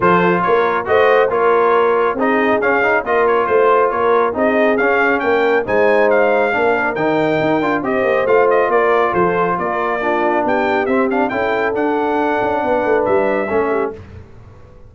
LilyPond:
<<
  \new Staff \with { instrumentName = "trumpet" } { \time 4/4 \tempo 4 = 138 c''4 cis''4 dis''4 cis''4~ | cis''4 dis''4 f''4 dis''8 cis''8 | c''4 cis''4 dis''4 f''4 | g''4 gis''4 f''2 |
g''2 dis''4 f''8 dis''8 | d''4 c''4 d''2 | g''4 e''8 f''8 g''4 fis''4~ | fis''2 e''2 | }
  \new Staff \with { instrumentName = "horn" } { \time 4/4 a'4 ais'4 c''4 ais'4~ | ais'4 gis'2 ais'4 | c''4 ais'4 gis'2 | ais'4 c''2 ais'4~ |
ais'2 c''2 | ais'4 a'4 ais'4 f'4 | g'2 a'2~ | a'4 b'2 a'8 g'8 | }
  \new Staff \with { instrumentName = "trombone" } { \time 4/4 f'2 fis'4 f'4~ | f'4 dis'4 cis'8 dis'8 f'4~ | f'2 dis'4 cis'4~ | cis'4 dis'2 d'4 |
dis'4. f'8 g'4 f'4~ | f'2. d'4~ | d'4 c'8 d'8 e'4 d'4~ | d'2. cis'4 | }
  \new Staff \with { instrumentName = "tuba" } { \time 4/4 f4 ais4 a4 ais4~ | ais4 c'4 cis'4 ais4 | a4 ais4 c'4 cis'4 | ais4 gis2 ais4 |
dis4 dis'8 d'8 c'8 ais8 a4 | ais4 f4 ais2 | b4 c'4 cis'4 d'4~ | d'8 cis'8 b8 a8 g4 a4 | }
>>